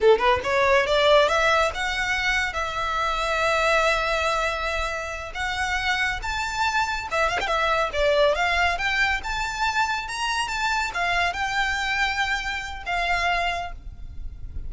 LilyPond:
\new Staff \with { instrumentName = "violin" } { \time 4/4 \tempo 4 = 140 a'8 b'8 cis''4 d''4 e''4 | fis''2 e''2~ | e''1~ | e''8 fis''2 a''4.~ |
a''8 e''8 f''16 g''16 e''4 d''4 f''8~ | f''8 g''4 a''2 ais''8~ | ais''8 a''4 f''4 g''4.~ | g''2 f''2 | }